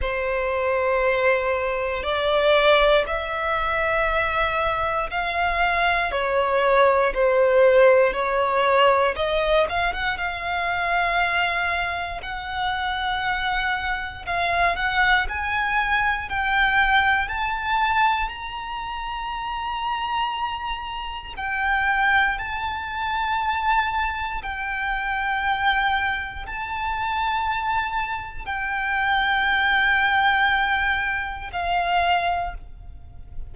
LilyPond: \new Staff \with { instrumentName = "violin" } { \time 4/4 \tempo 4 = 59 c''2 d''4 e''4~ | e''4 f''4 cis''4 c''4 | cis''4 dis''8 f''16 fis''16 f''2 | fis''2 f''8 fis''8 gis''4 |
g''4 a''4 ais''2~ | ais''4 g''4 a''2 | g''2 a''2 | g''2. f''4 | }